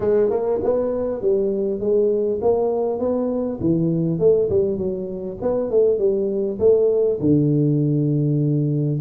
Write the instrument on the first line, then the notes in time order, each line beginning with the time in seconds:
tuba
0.00 G#3
0.30 A#3
0.63 B3
1.21 G3
1.80 G#3
2.41 A#3
2.99 B3
3.60 E3
4.19 A3
4.49 G3
4.77 F#3
5.41 B3
5.70 A3
5.98 G3
6.59 A3
7.20 D3